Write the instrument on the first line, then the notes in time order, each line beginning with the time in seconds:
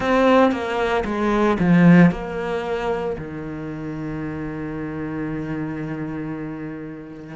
cello
0.00 C4
0.51 A#3
1.04 G#3
1.59 F3
2.11 A#3
3.18 D#3